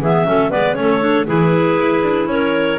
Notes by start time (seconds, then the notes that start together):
0.00 E3 B3 G#4 E5
0.25 F#3 C#4 A4
0.50 G#3 B3 B4 D5
0.74 A3 C#4 A4 C#5
1.00 D4
1.26 E3 E4 G#4 B4
1.79 E4
2.02 D4
2.26 C#4 A#4 C#5